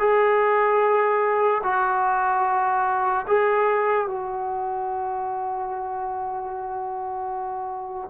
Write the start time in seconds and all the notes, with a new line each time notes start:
0.00 G#4
1.64 F#4
3.28 G#4
4.08 F#4